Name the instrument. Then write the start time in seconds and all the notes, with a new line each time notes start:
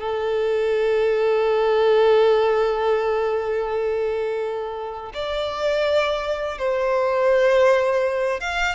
violin
0.00 A4
5.14 D5
6.58 C5
8.40 F5